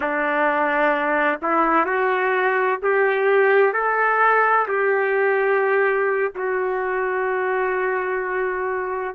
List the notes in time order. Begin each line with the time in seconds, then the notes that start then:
0.00 D4
1.42 E4
1.85 F#4
2.82 G4
3.73 A4
4.68 G4
6.35 F#4